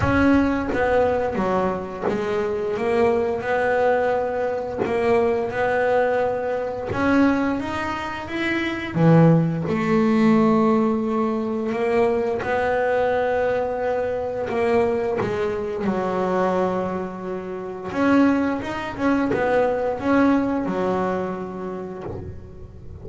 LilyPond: \new Staff \with { instrumentName = "double bass" } { \time 4/4 \tempo 4 = 87 cis'4 b4 fis4 gis4 | ais4 b2 ais4 | b2 cis'4 dis'4 | e'4 e4 a2~ |
a4 ais4 b2~ | b4 ais4 gis4 fis4~ | fis2 cis'4 dis'8 cis'8 | b4 cis'4 fis2 | }